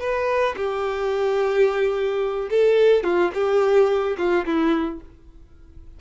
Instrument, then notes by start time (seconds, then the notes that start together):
violin
0.00 B4
0.56 G4
2.50 A4
3.04 F4
3.34 G4
4.18 F4
4.46 E4